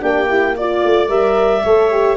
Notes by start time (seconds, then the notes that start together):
0.00 A#3 D4 G4 G5
0.28 E4
0.57 F4 D5
0.84 A3
1.08 G3 A#4 E5
1.64 A3 A4 C#5
1.91 G4